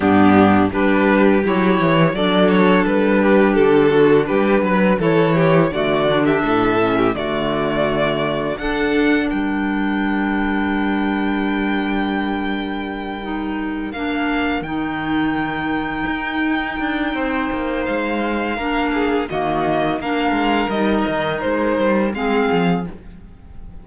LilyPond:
<<
  \new Staff \with { instrumentName = "violin" } { \time 4/4 \tempo 4 = 84 g'4 b'4 cis''4 d''8 cis''8 | b'4 a'4 b'4 cis''4 | d''8. e''4~ e''16 d''2 | fis''4 g''2.~ |
g''2.~ g''8 f''8~ | f''8 g''2.~ g''8~ | g''4 f''2 dis''4 | f''4 dis''4 c''4 f''4 | }
  \new Staff \with { instrumentName = "violin" } { \time 4/4 d'4 g'2 a'4~ | a'8 g'4 fis'8 g'8 b'8 a'8 g'8 | fis'8. g'16 a'8. g'16 fis'2 | a'4 ais'2.~ |
ais'1~ | ais'1 | c''2 ais'8 gis'8 fis'4 | ais'2. gis'4 | }
  \new Staff \with { instrumentName = "clarinet" } { \time 4/4 b4 d'4 e'4 d'4~ | d'2. e'4 | a8 d'4 cis'8 a2 | d'1~ |
d'2~ d'8 dis'4 d'8~ | d'8 dis'2.~ dis'8~ | dis'2 d'4 ais4 | d'4 dis'2 c'4 | }
  \new Staff \with { instrumentName = "cello" } { \time 4/4 g,4 g4 fis8 e8 fis4 | g4 d4 g8 fis8 e4 | d4 a,4 d2 | d'4 g2.~ |
g2.~ g8 ais8~ | ais8 dis2 dis'4 d'8 | c'8 ais8 gis4 ais4 dis4 | ais8 gis8 g8 dis8 gis8 g8 gis8 f8 | }
>>